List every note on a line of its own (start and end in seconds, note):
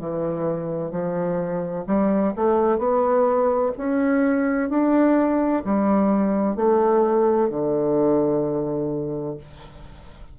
0.00 0.92 E3
0.92 1.85 F3
1.87 2.34 G3
2.36 2.79 A3
2.79 3.72 B3
3.78 4.70 C#4
4.70 5.64 D4
5.65 6.57 G3
6.57 7.50 A3
7.50 9.37 D3